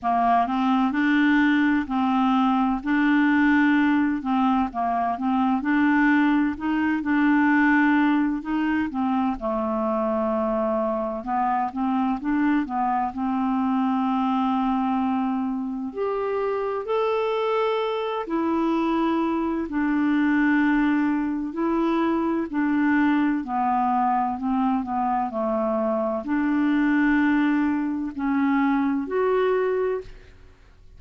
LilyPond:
\new Staff \with { instrumentName = "clarinet" } { \time 4/4 \tempo 4 = 64 ais8 c'8 d'4 c'4 d'4~ | d'8 c'8 ais8 c'8 d'4 dis'8 d'8~ | d'4 dis'8 c'8 a2 | b8 c'8 d'8 b8 c'2~ |
c'4 g'4 a'4. e'8~ | e'4 d'2 e'4 | d'4 b4 c'8 b8 a4 | d'2 cis'4 fis'4 | }